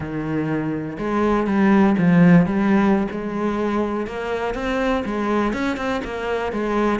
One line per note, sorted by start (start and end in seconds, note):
0.00 0.97 D#3
0.98 1.46 G#3
1.46 1.96 G3
1.97 2.46 F3
2.46 3.07 G3
3.11 4.06 G#3
4.06 4.54 A#3
4.54 5.03 C4
5.05 5.53 G#3
5.53 5.77 C#4
5.77 6.01 C4
6.04 6.52 A#3
6.52 6.99 G#3